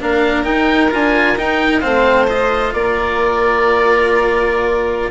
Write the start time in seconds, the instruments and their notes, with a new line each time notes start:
0.00 bassoon A#3, cello D4, violin A#4, oboe F5
0.44 cello D#4, bassoon D#4, oboe G5
0.91 bassoon D4, cello F4, oboe G#5
1.37 bassoon D#4, cello D#4, oboe G5
1.80 bassoon A3, cello C4, violin C5, oboe F5
2.27 cello F4, oboe D#5
2.73 bassoon A#3, violin A#4, oboe D5